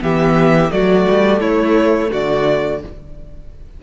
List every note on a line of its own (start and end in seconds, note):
0.00 0.72 E3
0.00 0.70 B3
0.00 0.72 G4
0.00 0.71 E5
0.71 1.07 F#3
0.71 2.80 A3
0.71 1.40 F#4
0.71 1.41 D5
1.08 1.41 G3
1.40 2.10 A3
1.40 2.10 E4
1.40 2.11 C#5
2.11 2.83 D3
2.11 2.81 F#4
2.11 2.83 D5